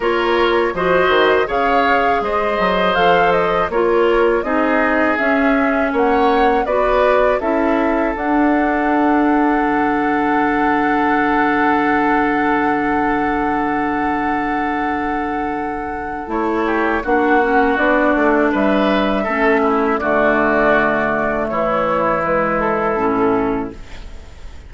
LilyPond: <<
  \new Staff \with { instrumentName = "flute" } { \time 4/4 \tempo 4 = 81 cis''4 dis''4 f''4 dis''4 | f''8 dis''8 cis''4 dis''4 e''4 | fis''4 d''4 e''4 fis''4~ | fis''1~ |
fis''1~ | fis''2 cis''4 fis''4 | d''4 e''2 d''4~ | d''4 cis''4 b'8 a'4. | }
  \new Staff \with { instrumentName = "oboe" } { \time 4/4 ais'4 c''4 cis''4 c''4~ | c''4 ais'4 gis'2 | cis''4 b'4 a'2~ | a'1~ |
a'1~ | a'2~ a'8 g'8 fis'4~ | fis'4 b'4 a'8 e'8 fis'4~ | fis'4 e'2. | }
  \new Staff \with { instrumentName = "clarinet" } { \time 4/4 f'4 fis'4 gis'2 | a'4 f'4 dis'4 cis'4~ | cis'4 fis'4 e'4 d'4~ | d'1~ |
d'1~ | d'2 e'4 d'8 cis'8 | d'2 cis'4 a4~ | a2 gis4 cis'4 | }
  \new Staff \with { instrumentName = "bassoon" } { \time 4/4 ais4 f8 dis8 cis4 gis8 fis8 | f4 ais4 c'4 cis'4 | ais4 b4 cis'4 d'4~ | d'4 d2.~ |
d1~ | d2 a4 ais4 | b8 a8 g4 a4 d4~ | d4 e2 a,4 | }
>>